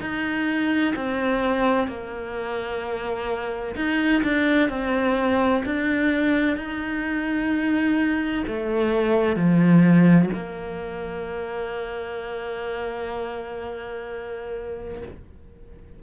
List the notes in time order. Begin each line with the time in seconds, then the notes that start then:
0.00 D#4
0.95 C4
1.87 A#3
3.75 D#4
4.23 D4
4.69 C4
5.65 D4
6.56 D#4
8.47 A3
9.35 F3
10.33 A#3